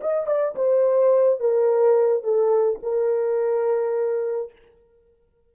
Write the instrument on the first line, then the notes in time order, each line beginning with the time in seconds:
horn
0.00 D#5
0.26 D5
0.55 C5
1.39 A#4
2.23 A4
2.82 A#4